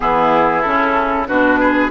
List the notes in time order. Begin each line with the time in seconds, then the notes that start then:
0.00 E3 B3 E4 G#4
0.61 C#3 C#4 A4
1.27 B2 D4 F#4 B4
1.59 G#4